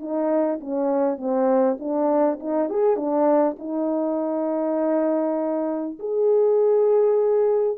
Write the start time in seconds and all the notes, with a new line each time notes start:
0.00 D#4
0.61 C#4
1.18 C4
1.79 D4
2.40 D#4
2.70 G#4
2.97 D4
3.59 D#4
6.00 G#4